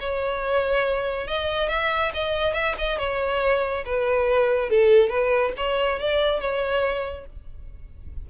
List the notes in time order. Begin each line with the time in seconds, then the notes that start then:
0.00 C#5
1.28 D#5
1.69 E5
2.14 D#5
2.54 E5
2.78 D#5
2.98 C#5
3.86 B4
4.70 A4
5.10 B4
5.57 C#5
5.99 D5
6.40 C#5